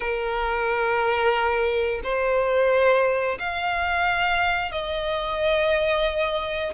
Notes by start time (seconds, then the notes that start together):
0.00 A#4
2.03 C5
3.39 F5
4.71 D#5